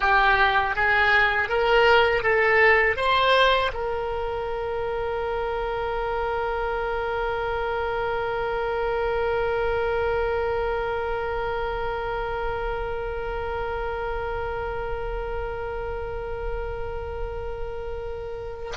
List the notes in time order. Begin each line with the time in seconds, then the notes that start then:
0.00 G4
0.75 G#4
1.48 A#4
2.23 A4
2.96 C5
3.73 A#4